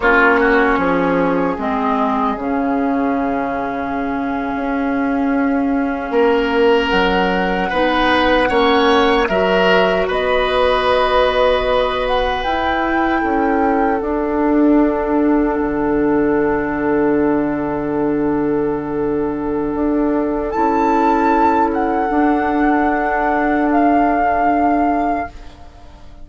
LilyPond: <<
  \new Staff \with { instrumentName = "flute" } { \time 4/4 \tempo 4 = 76 cis''2 dis''4 f''4~ | f''1~ | f''8. fis''2. e''16~ | e''8. dis''2~ dis''8 fis''8 g''16~ |
g''4.~ g''16 fis''2~ fis''16~ | fis''1~ | fis''2 a''4. fis''8~ | fis''2 f''2 | }
  \new Staff \with { instrumentName = "oboe" } { \time 4/4 f'8 fis'8 gis'2.~ | gis'2.~ gis'8. ais'16~ | ais'4.~ ais'16 b'4 cis''4 ais'16~ | ais'8. b'2.~ b'16~ |
b'8. a'2.~ a'16~ | a'1~ | a'1~ | a'1 | }
  \new Staff \with { instrumentName = "clarinet" } { \time 4/4 cis'2 c'4 cis'4~ | cis'1~ | cis'4.~ cis'16 dis'4 cis'4 fis'16~ | fis'2.~ fis'8. e'16~ |
e'4.~ e'16 d'2~ d'16~ | d'1~ | d'2 e'2 | d'1 | }
  \new Staff \with { instrumentName = "bassoon" } { \time 4/4 ais4 f4 gis4 cis4~ | cis4.~ cis16 cis'2 ais16~ | ais8. fis4 b4 ais4 fis16~ | fis8. b2. e'16~ |
e'8. cis'4 d'2 d16~ | d1~ | d4 d'4 cis'2 | d'1 | }
>>